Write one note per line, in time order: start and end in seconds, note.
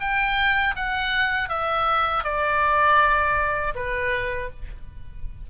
0.00 0.75 G5
0.76 1.49 F#5
1.49 2.24 E5
2.24 3.74 D5
3.75 4.50 B4